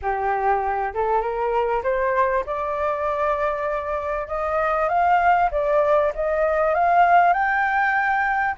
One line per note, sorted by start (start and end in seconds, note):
0.01 0.93 G4
0.94 1.21 A4
1.21 1.82 A#4
1.83 2.44 C5
2.46 4.27 D5
4.27 4.88 D#5
4.88 5.50 F5
5.51 6.12 D5
6.14 6.74 D#5
6.74 7.33 F5
7.33 8.55 G5